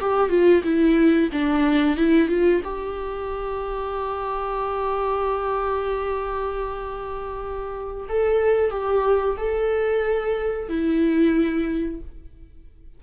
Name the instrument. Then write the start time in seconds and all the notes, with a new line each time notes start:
viola
0.00 G4
0.29 F4
0.63 E4
1.32 D4
1.97 E4
2.28 F4
2.64 G4
8.09 A4
8.70 G4
9.37 A4
10.68 E4